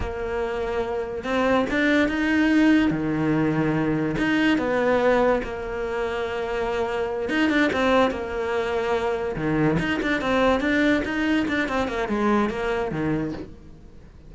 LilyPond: \new Staff \with { instrumentName = "cello" } { \time 4/4 \tempo 4 = 144 ais2. c'4 | d'4 dis'2 dis4~ | dis2 dis'4 b4~ | b4 ais2.~ |
ais4. dis'8 d'8 c'4 ais8~ | ais2~ ais8 dis4 dis'8 | d'8 c'4 d'4 dis'4 d'8 | c'8 ais8 gis4 ais4 dis4 | }